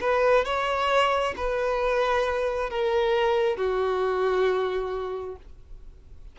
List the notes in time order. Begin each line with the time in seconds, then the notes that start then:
0.00 B4
0.45 C#5
1.36 B4
2.69 A#4
3.56 F#4